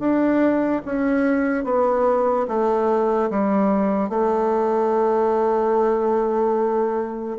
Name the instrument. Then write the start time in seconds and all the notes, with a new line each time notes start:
bassoon
0.00 D4
0.86 C#4
1.65 B3
2.48 A3
3.31 G3
4.10 A3